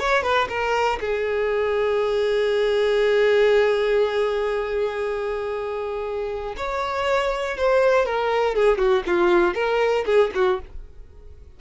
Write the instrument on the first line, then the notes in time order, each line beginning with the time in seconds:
violin
0.00 C#5
0.23 B4
0.49 A#4
1.01 G#4
6.57 C#5
7.58 C5
8.06 A#4
8.56 G#4
8.78 F#4
9.07 F4
9.55 A#4
10.06 G#4
10.35 F#4